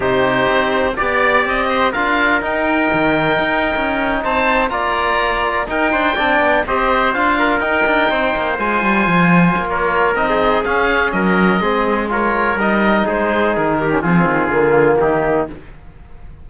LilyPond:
<<
  \new Staff \with { instrumentName = "oboe" } { \time 4/4 \tempo 4 = 124 c''2 d''4 dis''4 | f''4 g''2.~ | g''8. a''4 ais''2 g''16~ | g''4.~ g''16 dis''4 f''4 g''16~ |
g''4.~ g''16 gis''2~ gis''16 | cis''4 dis''4 f''4 dis''4~ | dis''4 cis''4 dis''4 c''4 | ais'4 gis'2 g'4 | }
  \new Staff \with { instrumentName = "trumpet" } { \time 4/4 g'2 d''4. c''8 | ais'1~ | ais'8. c''4 d''2 ais'16~ | ais'16 c''8 d''4 c''4. ais'8.~ |
ais'8. c''2.~ c''16 | ais'4~ ais'16 gis'4.~ gis'16 ais'4 | gis'4 ais'2 gis'4~ | gis'8 g'8 f'2 dis'4 | }
  \new Staff \with { instrumentName = "trombone" } { \time 4/4 dis'2 g'2 | f'4 dis'2.~ | dis'4.~ dis'16 f'2 dis'16~ | dis'8. d'4 g'4 f'4 dis'16~ |
dis'4.~ dis'16 f'2~ f'16~ | f'4 dis'4 cis'2 | c'4 f'4 dis'2~ | dis'8. cis'16 c'4 ais2 | }
  \new Staff \with { instrumentName = "cello" } { \time 4/4 c4 c'4 b4 c'4 | d'4 dis'4 dis4 dis'8. cis'16~ | cis'8. c'4 ais2 dis'16~ | dis'16 d'8 c'8 b8 c'4 d'4 dis'16~ |
dis'16 d'8 c'8 ais8 gis8 g8 f4 ais16~ | ais4 c'4 cis'4 fis4 | gis2 g4 gis4 | dis4 f8 dis8 d4 dis4 | }
>>